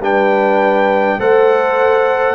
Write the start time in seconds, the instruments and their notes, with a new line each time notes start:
0.00 tuba G3, trombone D4, horn B4, trumpet G5
1.18 tuba A3, trombone A4, horn C5, trumpet F#5